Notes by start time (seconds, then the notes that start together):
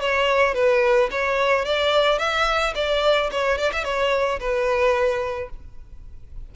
0.00 C#5
0.54 B4
1.11 C#5
1.65 D5
2.18 E5
2.75 D5
3.31 C#5
3.58 D5
3.72 E5
3.84 C#5
4.39 B4